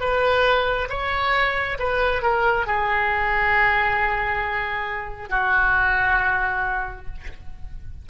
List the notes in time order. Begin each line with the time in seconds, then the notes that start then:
0.00 B4
0.89 C#5
1.79 B4
2.22 A#4
2.66 G#4
5.29 F#4